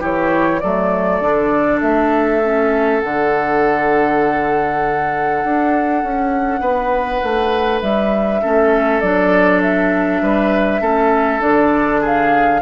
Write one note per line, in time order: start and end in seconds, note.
0.00 0.62 E3
0.00 0.60 E4
0.00 0.60 G4
0.00 0.60 C#5
0.60 1.21 F#3
0.60 1.22 A3
0.60 6.61 A4
0.60 1.80 D5
1.21 1.80 D3
1.21 2.42 D4
1.81 3.02 A3
1.81 3.00 E5
2.44 3.02 C#4
3.00 5.44 D3
3.00 8.42 D4
3.00 7.81 F#5
5.44 6.03 D4
6.03 6.60 C#4
6.60 7.20 B3
6.60 8.41 B4
7.24 7.82 A3
7.81 8.42 G3
7.81 9.01 E5
8.42 9.02 A3
8.42 9.02 C#4
8.42 10.22 A4
9.01 10.22 F#3
9.01 10.81 D4
9.01 9.61 D5
9.62 11.42 E5
10.22 10.81 G3
10.22 10.81 B4
10.81 11.41 A3
10.81 11.40 C#4
10.81 12.01 A4
11.40 12.62 D3
11.40 12.60 D4
11.40 12.02 D5
12.01 12.61 G#4
12.01 12.62 F5